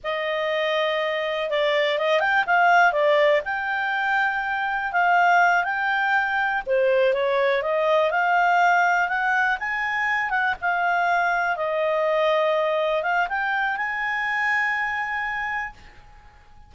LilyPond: \new Staff \with { instrumentName = "clarinet" } { \time 4/4 \tempo 4 = 122 dis''2. d''4 | dis''8 g''8 f''4 d''4 g''4~ | g''2 f''4. g''8~ | g''4. c''4 cis''4 dis''8~ |
dis''8 f''2 fis''4 gis''8~ | gis''4 fis''8 f''2 dis''8~ | dis''2~ dis''8 f''8 g''4 | gis''1 | }